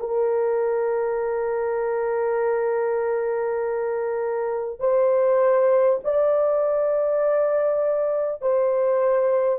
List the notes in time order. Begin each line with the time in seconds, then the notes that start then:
0.00 A#4
4.80 C5
6.04 D5
8.42 C5